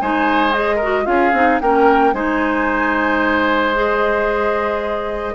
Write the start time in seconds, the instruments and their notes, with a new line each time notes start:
0.00 bassoon G#3, clarinet D#4, oboe C5, flute G#5
0.52 clarinet G#4, flute D#5
0.75 oboe A#4
0.82 clarinet F#4
1.04 bassoon C#4, clarinet F4, oboe G#4, flute F5
1.33 bassoon C4, clarinet D#4
1.60 bassoon A#3, clarinet C#4, oboe A#4, flute G5
2.13 bassoon G#3, clarinet D#4, oboe C5, flute G#5
3.74 clarinet G#4, flute D#5